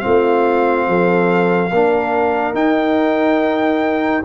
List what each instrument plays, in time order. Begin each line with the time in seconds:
0.00 tuba A3, trombone C4, horn F4, trumpet F5
0.87 tuba F3, horn A4
1.71 tuba A#3, trombone D4, horn A#4
2.54 tuba D#4, trombone D#4, trumpet G5